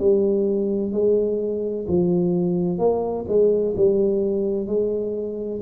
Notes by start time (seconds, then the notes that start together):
0.00 G3
0.93 G#3
1.88 F3
2.79 A#3
3.29 G#3
3.77 G3
4.67 G#3